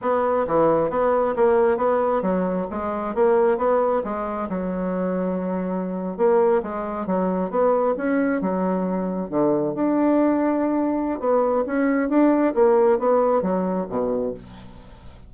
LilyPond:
\new Staff \with { instrumentName = "bassoon" } { \time 4/4 \tempo 4 = 134 b4 e4 b4 ais4 | b4 fis4 gis4 ais4 | b4 gis4 fis2~ | fis4.~ fis16 ais4 gis4 fis16~ |
fis8. b4 cis'4 fis4~ fis16~ | fis8. d4 d'2~ d'16~ | d'4 b4 cis'4 d'4 | ais4 b4 fis4 b,4 | }